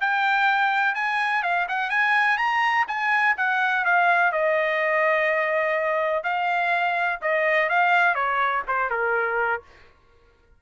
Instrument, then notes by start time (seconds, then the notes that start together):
trumpet
0.00 G5
0.95 G#5
1.43 F5
1.68 F#5
1.90 G#5
2.37 A#5
2.87 G#5
3.37 F#5
3.85 F5
4.32 D#5
6.23 F5
7.22 D#5
7.69 F5
8.15 C#5
8.67 C5
8.90 A#4